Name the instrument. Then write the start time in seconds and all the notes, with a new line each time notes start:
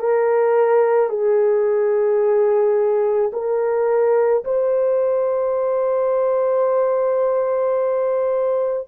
horn
0.00 A#4
1.10 G#4
3.33 A#4
4.44 C5